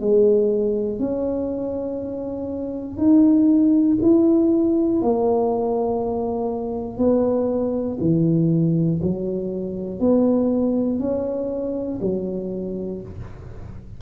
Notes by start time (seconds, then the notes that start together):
0.00 G#3
0.99 C#4
2.97 D#4
4.01 E4
5.01 A#3
6.97 B3
8.00 E3
9.02 F#3
10.00 B3
10.99 C#4
12.01 F#3